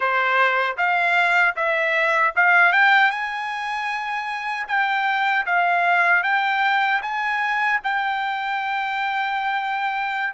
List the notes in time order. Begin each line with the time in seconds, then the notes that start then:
0.00 C5
0.77 F5
1.56 E5
2.36 F5
2.72 G5
3.10 G#5
4.68 G5
5.45 F5
6.23 G5
7.02 G#5
7.83 G5